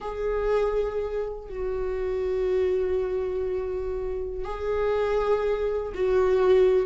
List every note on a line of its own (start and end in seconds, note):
0.00 1.48 G#4
1.48 4.44 F#4
4.44 5.92 G#4
5.94 6.86 F#4